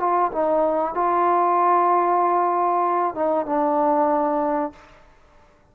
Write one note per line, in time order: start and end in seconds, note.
0.00 0.32 F4
0.32 0.95 D#4
0.95 3.15 F4
3.15 3.46 D#4
3.46 4.73 D4